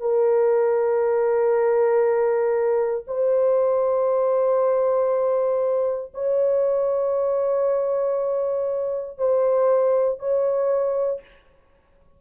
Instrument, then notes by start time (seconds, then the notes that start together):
horn
0.00 A#4
3.07 C5
6.14 C#5
9.18 C5
10.19 C#5